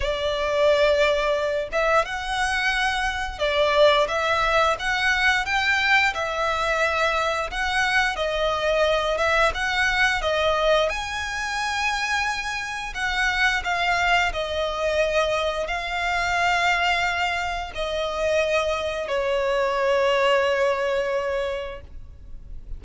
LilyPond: \new Staff \with { instrumentName = "violin" } { \time 4/4 \tempo 4 = 88 d''2~ d''8 e''8 fis''4~ | fis''4 d''4 e''4 fis''4 | g''4 e''2 fis''4 | dis''4. e''8 fis''4 dis''4 |
gis''2. fis''4 | f''4 dis''2 f''4~ | f''2 dis''2 | cis''1 | }